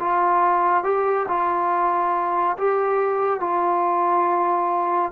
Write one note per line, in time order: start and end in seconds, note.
0.00 0.84 F4
0.84 1.27 G4
1.29 2.57 F4
2.58 3.41 G4
3.41 5.12 F4